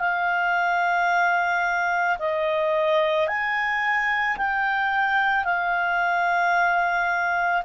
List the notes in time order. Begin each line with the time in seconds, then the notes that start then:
0.00 F5
2.19 D#5
3.28 G#5
4.37 G5
5.44 F5